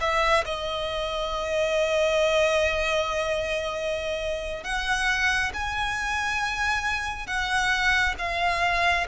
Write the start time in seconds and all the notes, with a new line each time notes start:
0.00 E5
0.45 D#5
4.64 F#5
5.53 G#5
7.26 F#5
8.18 F5